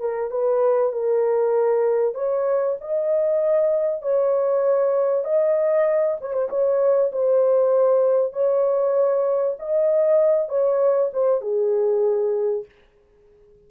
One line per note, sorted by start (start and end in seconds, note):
0.00 0.31 A#4
0.31 0.93 B4
0.93 2.15 A#4
2.15 2.76 C#5
2.81 4.02 D#5
4.02 5.24 C#5
5.24 6.17 D#5
6.21 6.33 C#5
6.33 6.49 C5
6.49 7.11 C#5
7.12 8.33 C5
8.33 9.57 C#5
9.59 10.49 D#5
10.49 11.11 C#5
11.13 11.41 C5
11.41 12.65 G#4